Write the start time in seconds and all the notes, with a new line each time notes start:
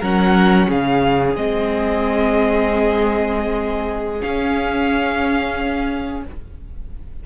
0.00 F#3 C#4 A#4 F#5
0.69 C#3 G#4 F5
1.35 G#3 C4 D#5
4.20 C#4 F5